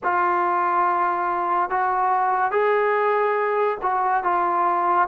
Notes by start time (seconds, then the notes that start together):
0.03 F4
1.70 F#4
2.51 G#4
3.82 F#4
4.23 F4